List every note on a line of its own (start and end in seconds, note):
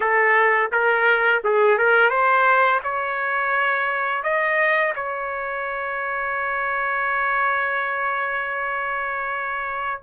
0.00 0.71 A4
0.72 1.42 A#4
1.44 1.78 G#4
1.78 2.10 A#4
2.10 2.80 C5
2.83 4.23 C#5
4.23 4.93 D#5
4.95 10.02 C#5